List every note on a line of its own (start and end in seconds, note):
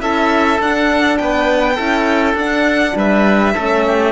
0.00 0.59 C#4
0.00 0.59 E4
0.00 1.20 A4
0.00 0.59 E5
0.60 1.19 D4
0.60 1.77 D4
0.60 1.17 F#5
1.17 1.78 B3
1.17 1.75 B4
1.17 2.35 G5
1.75 2.34 C#4
1.75 2.36 E4
1.75 2.92 A4
2.34 2.93 D4
2.34 3.56 D4
2.34 2.97 F#5
2.95 3.54 G3
2.95 3.54 B4
2.95 4.12 E5
3.54 4.12 A3
3.54 4.12 C#4
3.54 3.83 A4
3.87 4.12 G4